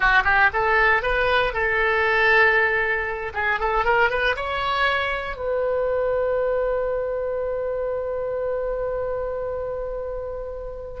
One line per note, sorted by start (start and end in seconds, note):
0.00 0.23 F#4
0.24 0.50 G4
0.53 1.02 A4
1.02 1.53 B4
1.53 3.32 A4
3.34 3.59 G#4
3.59 3.85 A4
3.85 4.10 A#4
4.10 4.35 B4
4.36 5.36 C#5
5.36 11.00 B4